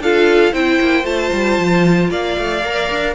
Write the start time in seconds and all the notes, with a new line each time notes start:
0.00 D4 F4 A4 F5
0.53 C4 E4 C5 G5
0.81 A#3
1.03 A3 F4 A5
1.33 G3
1.59 F3
2.11 A#3 D5 F5
2.38 A3
2.64 A#3 A#4
2.90 D4